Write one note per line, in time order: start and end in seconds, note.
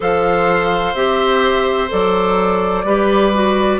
0.00 0.94 F3
0.00 0.94 A4
0.00 2.85 C5
0.00 0.94 F5
0.94 1.89 C4
0.94 1.88 G4
0.94 1.89 E5
1.88 2.84 F#3
1.88 2.84 A4
1.88 3.80 D5
2.84 3.79 G3
2.84 3.33 G4
2.84 3.80 B4
3.33 3.80 F#4